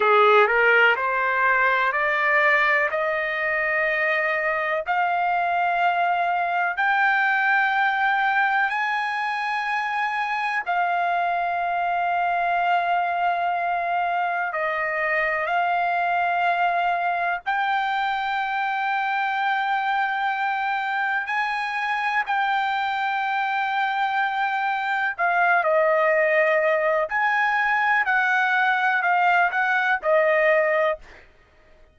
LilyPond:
\new Staff \with { instrumentName = "trumpet" } { \time 4/4 \tempo 4 = 62 gis'8 ais'8 c''4 d''4 dis''4~ | dis''4 f''2 g''4~ | g''4 gis''2 f''4~ | f''2. dis''4 |
f''2 g''2~ | g''2 gis''4 g''4~ | g''2 f''8 dis''4. | gis''4 fis''4 f''8 fis''8 dis''4 | }